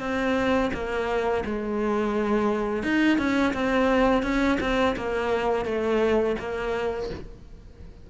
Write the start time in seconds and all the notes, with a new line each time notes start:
0.00 C4
0.73 A#3
1.45 G#3
2.83 D#4
3.18 C#4
3.54 C4
4.23 C#4
4.60 C4
4.96 A#3
5.65 A3
6.39 A#3